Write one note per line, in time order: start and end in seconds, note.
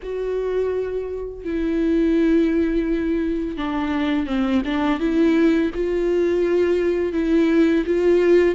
0.02 1.44 F#4
1.44 3.57 E4
3.57 4.26 D4
4.26 4.62 C4
4.64 4.99 D4
4.99 5.70 E4
5.74 7.12 F4
7.12 7.84 E4
7.86 8.55 F4